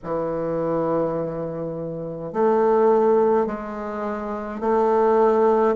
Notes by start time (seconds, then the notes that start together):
0.03 E3
2.32 A3
3.46 G#3
4.60 A3